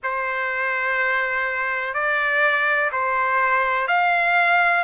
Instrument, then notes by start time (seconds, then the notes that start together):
trumpet
0.03 C5
1.94 D5
2.92 C5
3.87 F5